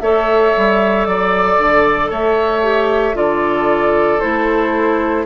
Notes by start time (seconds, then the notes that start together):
0.00 A3 A4 C#5 E5
0.57 G3
1.05 F#3 D5
1.58 D3
2.10 A3 C#5 E5
2.63 G4
3.14 D3 F4 A4 D5
4.20 A3 E4 C5